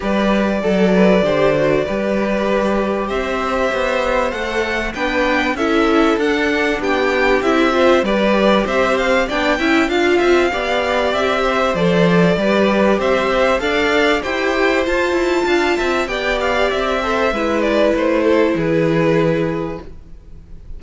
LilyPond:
<<
  \new Staff \with { instrumentName = "violin" } { \time 4/4 \tempo 4 = 97 d''1~ | d''4 e''2 fis''4 | g''4 e''4 fis''4 g''4 | e''4 d''4 e''8 f''8 g''4 |
f''2 e''4 d''4~ | d''4 e''4 f''4 g''4 | a''2 g''8 f''8 e''4~ | e''8 d''8 c''4 b'2 | }
  \new Staff \with { instrumentName = "violin" } { \time 4/4 b'4 a'8 b'8 c''4 b'4~ | b'4 c''2. | b'4 a'2 g'4~ | g'8 c''8 b'4 c''4 d''8 e''8 |
f''8 e''8 d''4. c''4. | b'4 c''4 d''4 c''4~ | c''4 f''8 e''8 d''4. c''8 | b'4. a'8 gis'2 | }
  \new Staff \with { instrumentName = "viola" } { \time 4/4 g'4 a'4 g'8 fis'8 g'4~ | g'2. a'4 | d'4 e'4 d'2 | e'8 f'8 g'2 d'8 e'8 |
f'4 g'2 a'4 | g'2 a'4 g'4 | f'2 g'4. a'8 | e'1 | }
  \new Staff \with { instrumentName = "cello" } { \time 4/4 g4 fis4 d4 g4~ | g4 c'4 b4 a4 | b4 cis'4 d'4 b4 | c'4 g4 c'4 b8 cis'8 |
d'8 c'8 b4 c'4 f4 | g4 c'4 d'4 e'4 | f'8 e'8 d'8 c'8 b4 c'4 | gis4 a4 e2 | }
>>